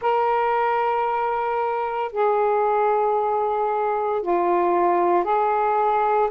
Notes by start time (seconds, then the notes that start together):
0.01 A#4
2.11 G#4
4.22 F4
5.23 G#4